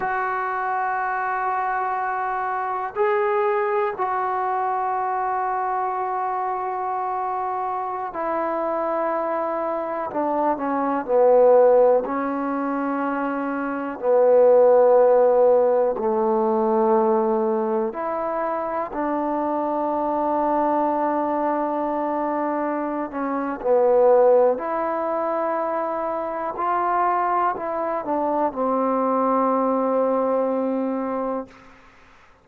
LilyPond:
\new Staff \with { instrumentName = "trombone" } { \time 4/4 \tempo 4 = 61 fis'2. gis'4 | fis'1~ | fis'16 e'2 d'8 cis'8 b8.~ | b16 cis'2 b4.~ b16~ |
b16 a2 e'4 d'8.~ | d'2.~ d'8 cis'8 | b4 e'2 f'4 | e'8 d'8 c'2. | }